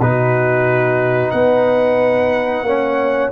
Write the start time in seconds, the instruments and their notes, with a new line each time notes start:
0.00 tuba B2, trombone D#4, horn F#4, trumpet B4
1.31 tuba B3, horn B4, trumpet F#5
2.62 tuba A#3, trombone C#4, horn C#5